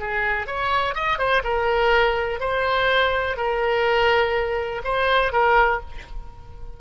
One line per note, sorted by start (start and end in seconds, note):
0.00 0.47 G#4
0.47 0.95 C#5
0.95 1.19 D#5
1.19 1.43 C5
1.44 2.40 A#4
2.40 3.37 C5
3.37 4.82 A#4
4.84 5.32 C5
5.32 5.81 A#4